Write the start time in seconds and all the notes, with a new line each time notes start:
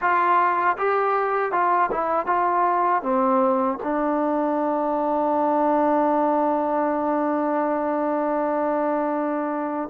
0.01 F4
0.77 G4
1.52 F4
1.91 E4
2.26 F4
3.02 C4
3.83 D4